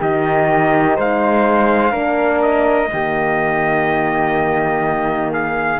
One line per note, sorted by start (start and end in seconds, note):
0.00 0.98 D#3
0.00 1.92 D#4
0.00 0.97 G4
0.00 0.99 D#5
0.97 1.92 G#3
0.97 1.92 C5
0.97 2.43 F5
1.92 2.89 A#3
1.92 2.89 D4
1.92 2.89 A#4
2.43 5.33 D#5
2.93 5.80 D#3
2.93 5.80 A#3
2.93 5.32 G4
5.32 5.80 G#4
5.32 5.80 F5